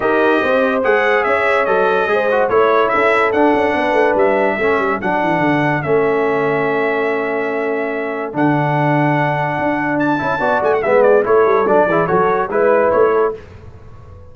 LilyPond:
<<
  \new Staff \with { instrumentName = "trumpet" } { \time 4/4 \tempo 4 = 144 dis''2 fis''4 e''4 | dis''2 cis''4 e''4 | fis''2 e''2 | fis''2 e''2~ |
e''1 | fis''1 | a''4. gis''16 fis''16 e''8 d''8 cis''4 | d''4 cis''4 b'4 cis''4 | }
  \new Staff \with { instrumentName = "horn" } { \time 4/4 ais'4 c''2 cis''4~ | cis''4 c''4 cis''4 a'4~ | a'4 b'2 a'4~ | a'1~ |
a'1~ | a'1~ | a'4 d''4 e''8 gis'8 a'4~ | a'8 gis'8 a'4 b'4. a'8 | }
  \new Staff \with { instrumentName = "trombone" } { \time 4/4 g'2 gis'2 | a'4 gis'8 fis'8 e'2 | d'2. cis'4 | d'2 cis'2~ |
cis'1 | d'1~ | d'8 e'8 fis'4 b4 e'4 | d'8 e'8 fis'4 e'2 | }
  \new Staff \with { instrumentName = "tuba" } { \time 4/4 dis'4 c'4 gis4 cis'4 | fis4 gis4 a4 cis'4 | d'8 cis'8 b8 a8 g4 a8 g8 | fis8 e8 d4 a2~ |
a1 | d2. d'4~ | d'8 cis'8 b8 a8 gis4 a8 g8 | fis8 e8 fis4 gis4 a4 | }
>>